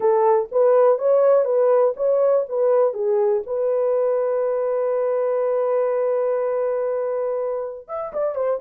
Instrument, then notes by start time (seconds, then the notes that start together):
horn
0.00 A4
0.51 B4
0.98 C#5
1.44 B4
1.96 C#5
2.48 B4
2.93 G#4
3.46 B4
7.88 E5
8.13 D5
8.35 C5